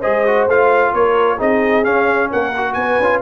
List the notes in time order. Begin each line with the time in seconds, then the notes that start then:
0.00 G#3 G#4 C5 D#5
0.27 F#4
0.47 A3 F4 F5
0.94 A#3 A#4 C#5
1.38 C4 D#4 G#4 D#5
1.84 C#4 F5
2.30 A#3 A#4 F#5
2.57 F#4
2.74 B3 B4 G#5
2.99 C#4 F4